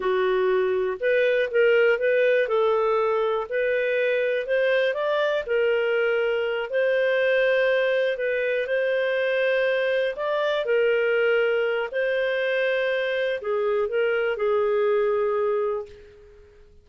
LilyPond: \new Staff \with { instrumentName = "clarinet" } { \time 4/4 \tempo 4 = 121 fis'2 b'4 ais'4 | b'4 a'2 b'4~ | b'4 c''4 d''4 ais'4~ | ais'4. c''2~ c''8~ |
c''8 b'4 c''2~ c''8~ | c''8 d''4 ais'2~ ais'8 | c''2. gis'4 | ais'4 gis'2. | }